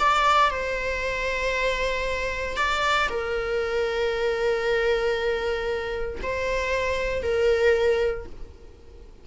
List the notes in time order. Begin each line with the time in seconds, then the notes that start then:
0.00 D5
0.51 C5
2.57 D5
3.10 A#4
6.23 C5
7.23 A#4